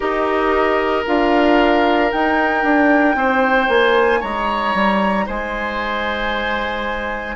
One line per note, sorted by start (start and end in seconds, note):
0.00 1.06 D#4
0.00 1.05 G4
0.00 3.16 A#4
0.00 1.06 D#5
1.06 2.12 D4
1.06 2.11 F4
1.06 2.11 F5
2.11 7.36 D#4
2.11 2.63 D#4
2.11 3.69 G5
2.63 3.15 D4
3.15 3.67 C4
3.15 4.20 C5
3.68 4.21 A#3
3.68 4.21 G#5
4.20 4.74 G#3
4.20 5.25 C#5
4.20 5.26 A#5
4.74 5.27 G3
5.26 7.36 G#3
5.26 7.36 C5
5.26 7.36 G#5